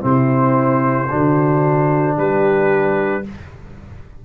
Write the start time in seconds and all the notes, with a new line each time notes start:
0.00 C3 C4 E4 C5
1.09 D3 D4 F#4
2.16 G3 G4 B4